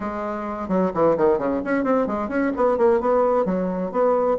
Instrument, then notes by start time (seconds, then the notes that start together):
bassoon
0.00 G#3
0.68 F#3
0.93 E3
1.17 D#3
1.38 C#3
1.64 C#4
1.83 C4
2.06 G#3
2.28 C#4
2.56 B3
2.77 A#3
3.00 B3
3.45 F#3
3.91 B3